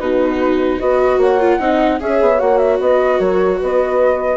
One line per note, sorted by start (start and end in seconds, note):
0.00 0.80 B2
0.00 0.80 D#4
0.00 0.81 F#4
0.00 0.80 B4
0.80 1.18 B3
0.80 1.40 F#4
0.80 1.18 B4
0.80 1.20 D#5
1.18 1.58 A#3
1.18 1.58 C#5
1.18 2.01 F#5
1.40 1.60 F4
1.59 1.99 C4
1.59 2.00 D#4
1.59 1.99 D#5
2.00 2.21 C#4
2.00 2.39 G#4
2.00 2.81 C#5
2.00 2.40 E5
2.21 2.41 B3
2.39 2.79 A#3
2.39 4.37 F#4
2.39 2.58 F#5
2.58 2.78 E5
2.79 3.19 B3
2.79 3.19 B4
2.79 3.20 D#5
3.19 3.59 F#3
3.19 3.59 A#4
3.19 3.60 C#5
3.59 4.37 B3
3.59 4.37 B4
3.59 4.37 D#5